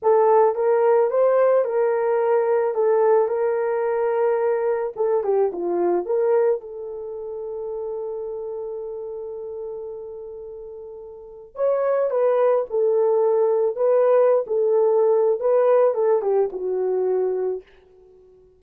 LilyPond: \new Staff \with { instrumentName = "horn" } { \time 4/4 \tempo 4 = 109 a'4 ais'4 c''4 ais'4~ | ais'4 a'4 ais'2~ | ais'4 a'8 g'8 f'4 ais'4 | a'1~ |
a'1~ | a'4 cis''4 b'4 a'4~ | a'4 b'4~ b'16 a'4.~ a'16 | b'4 a'8 g'8 fis'2 | }